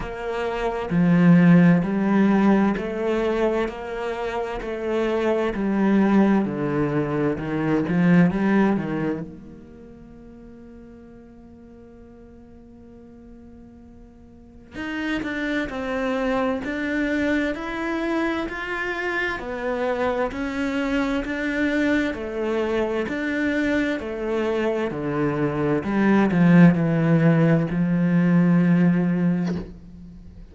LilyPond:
\new Staff \with { instrumentName = "cello" } { \time 4/4 \tempo 4 = 65 ais4 f4 g4 a4 | ais4 a4 g4 d4 | dis8 f8 g8 dis8 ais2~ | ais1 |
dis'8 d'8 c'4 d'4 e'4 | f'4 b4 cis'4 d'4 | a4 d'4 a4 d4 | g8 f8 e4 f2 | }